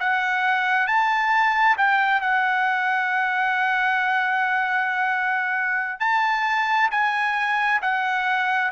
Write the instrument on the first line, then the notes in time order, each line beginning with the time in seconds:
trumpet
0.00 F#5
0.87 A5
1.77 G5
2.21 F#5
6.00 A5
6.91 G#5
7.82 F#5